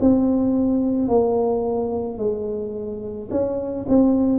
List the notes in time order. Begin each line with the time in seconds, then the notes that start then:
0.00 C4
1.08 A#3
2.18 G#3
3.30 C#4
3.88 C4